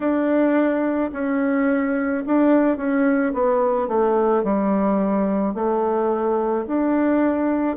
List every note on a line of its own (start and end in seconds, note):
0.00 1.11 D4
1.13 2.24 C#4
2.26 2.77 D4
2.77 3.32 C#4
3.33 3.88 B3
3.88 4.43 A3
4.43 5.54 G3
5.54 6.65 A3
6.67 7.76 D4